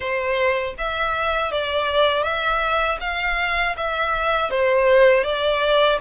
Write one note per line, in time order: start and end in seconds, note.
0.00 0.74 C5
0.78 1.51 E5
1.51 2.23 D5
2.23 2.98 E5
3.00 3.75 F5
3.76 4.50 E5
4.50 5.23 C5
5.23 5.98 D5